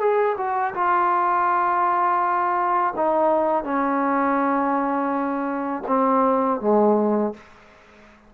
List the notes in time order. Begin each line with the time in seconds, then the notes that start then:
0.00 G#4
0.38 F#4
0.75 F4
2.96 D#4
3.64 C#4
5.87 C4
6.61 G#3